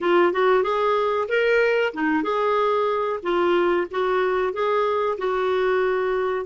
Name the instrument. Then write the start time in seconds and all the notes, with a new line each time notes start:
clarinet
0.00 F4
0.33 F#4
0.63 G#4
1.28 A#4
1.93 D#4
2.23 G#4
3.23 F4
3.90 F#4
4.53 G#4
5.18 F#4